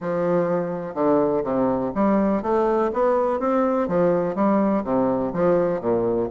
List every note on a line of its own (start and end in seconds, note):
0.00 0.94 F3
0.94 1.42 D3
1.43 1.91 C3
1.94 2.42 G3
2.42 2.90 A3
2.93 3.39 B3
3.39 3.88 C4
3.88 4.35 F3
4.35 4.83 G3
4.84 5.32 C3
5.33 5.80 F3
5.80 6.29 A#2